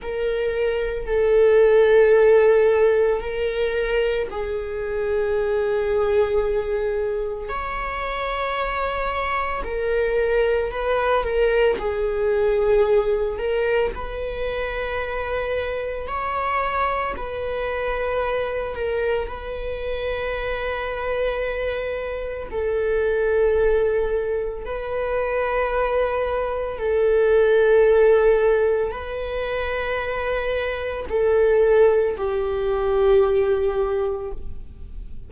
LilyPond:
\new Staff \with { instrumentName = "viola" } { \time 4/4 \tempo 4 = 56 ais'4 a'2 ais'4 | gis'2. cis''4~ | cis''4 ais'4 b'8 ais'8 gis'4~ | gis'8 ais'8 b'2 cis''4 |
b'4. ais'8 b'2~ | b'4 a'2 b'4~ | b'4 a'2 b'4~ | b'4 a'4 g'2 | }